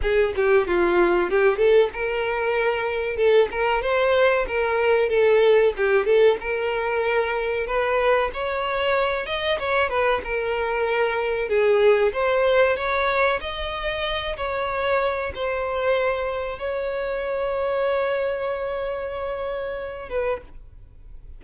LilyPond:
\new Staff \with { instrumentName = "violin" } { \time 4/4 \tempo 4 = 94 gis'8 g'8 f'4 g'8 a'8 ais'4~ | ais'4 a'8 ais'8 c''4 ais'4 | a'4 g'8 a'8 ais'2 | b'4 cis''4. dis''8 cis''8 b'8 |
ais'2 gis'4 c''4 | cis''4 dis''4. cis''4. | c''2 cis''2~ | cis''2.~ cis''8 b'8 | }